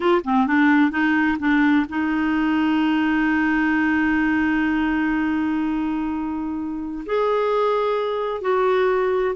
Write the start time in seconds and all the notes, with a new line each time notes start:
0.00 F4
0.24 C4
0.46 D4
0.90 D#4
1.39 D4
1.89 D#4
7.05 G#4
8.41 F#4